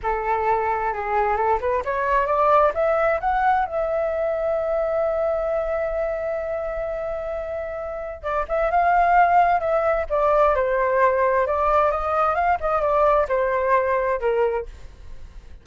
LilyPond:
\new Staff \with { instrumentName = "flute" } { \time 4/4 \tempo 4 = 131 a'2 gis'4 a'8 b'8 | cis''4 d''4 e''4 fis''4 | e''1~ | e''1~ |
e''2 d''8 e''8 f''4~ | f''4 e''4 d''4 c''4~ | c''4 d''4 dis''4 f''8 dis''8 | d''4 c''2 ais'4 | }